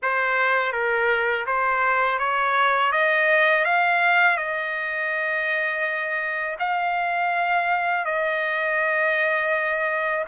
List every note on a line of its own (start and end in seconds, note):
0.02 0.72 C5
0.72 1.45 A#4
1.46 2.19 C5
2.19 2.92 C#5
2.92 3.65 D#5
3.65 4.37 F5
4.37 6.57 D#5
6.59 8.05 F5
8.05 10.24 D#5